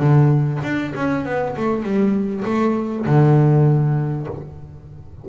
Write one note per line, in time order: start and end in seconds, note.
0.00 0.61 D3
0.63 0.94 D4
0.96 1.26 C#4
1.26 1.56 B3
1.57 1.83 A3
1.83 2.44 G3
2.45 3.06 A3
3.06 4.28 D3